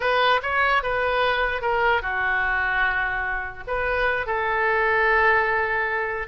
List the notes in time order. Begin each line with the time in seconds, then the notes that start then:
0.00 B4
0.42 C#5
0.82 B4
1.61 A#4
2.02 F#4
3.67 B4
4.26 A4